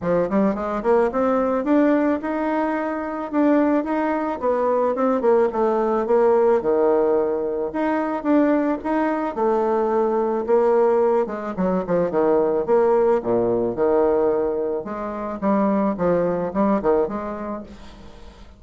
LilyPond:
\new Staff \with { instrumentName = "bassoon" } { \time 4/4 \tempo 4 = 109 f8 g8 gis8 ais8 c'4 d'4 | dis'2 d'4 dis'4 | b4 c'8 ais8 a4 ais4 | dis2 dis'4 d'4 |
dis'4 a2 ais4~ | ais8 gis8 fis8 f8 dis4 ais4 | ais,4 dis2 gis4 | g4 f4 g8 dis8 gis4 | }